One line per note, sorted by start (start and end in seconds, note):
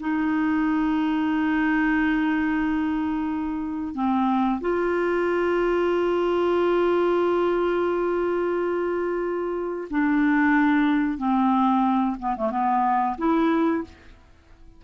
0.00 3.94 D#4
3.94 4.60 C4
4.61 9.88 F4
9.91 11.18 D4
11.18 12.17 C4
12.20 12.36 B3
12.37 12.51 A3
12.51 13.17 B3
13.18 13.84 E4